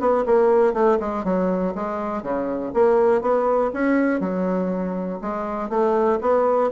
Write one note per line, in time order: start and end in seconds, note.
0.00 0.25 B3
0.26 0.73 A#3
0.73 0.98 A3
1.00 1.24 G#3
1.24 1.74 F#3
1.75 2.22 G#3
2.22 2.72 C#3
2.74 3.22 A#3
3.22 3.71 B3
3.73 4.20 C#4
4.20 5.20 F#3
5.21 5.70 G#3
5.70 6.19 A3
6.21 6.71 B3